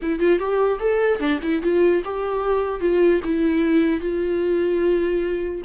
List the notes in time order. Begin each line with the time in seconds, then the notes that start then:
0.01 E4
0.19 F4
0.39 G4
0.79 A4
1.19 D4
1.42 E4
1.62 F4
2.04 G4
2.80 F4
3.23 E4
4.00 F4